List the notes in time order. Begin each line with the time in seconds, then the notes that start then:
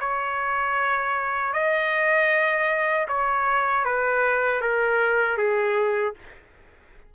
0.00 C#5
1.53 D#5
3.08 C#5
3.85 B4
4.61 A#4
5.38 G#4